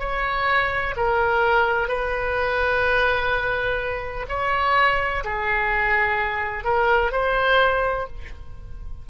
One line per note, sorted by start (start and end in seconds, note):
0.00 0.95 C#5
0.97 1.89 A#4
1.89 4.27 B4
4.29 5.24 C#5
5.25 6.65 G#4
6.65 7.12 A#4
7.12 8.07 C5